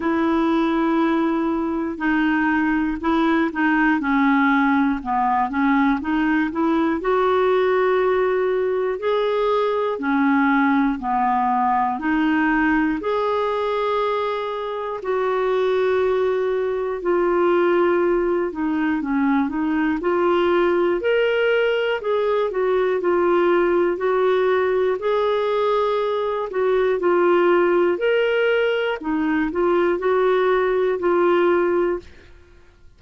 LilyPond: \new Staff \with { instrumentName = "clarinet" } { \time 4/4 \tempo 4 = 60 e'2 dis'4 e'8 dis'8 | cis'4 b8 cis'8 dis'8 e'8 fis'4~ | fis'4 gis'4 cis'4 b4 | dis'4 gis'2 fis'4~ |
fis'4 f'4. dis'8 cis'8 dis'8 | f'4 ais'4 gis'8 fis'8 f'4 | fis'4 gis'4. fis'8 f'4 | ais'4 dis'8 f'8 fis'4 f'4 | }